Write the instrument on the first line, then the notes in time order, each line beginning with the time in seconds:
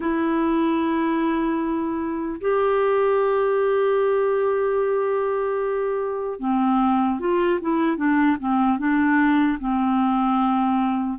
clarinet
0.00 E4
2.40 G4
6.39 C4
7.19 F4
7.61 E4
7.96 D4
8.39 C4
8.78 D4
9.59 C4